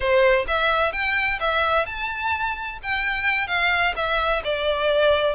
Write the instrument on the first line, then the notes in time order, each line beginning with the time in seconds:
violin
0.00 C5
0.47 E5
0.92 G5
1.40 E5
1.85 A5
2.82 G5
3.47 F5
3.96 E5
4.44 D5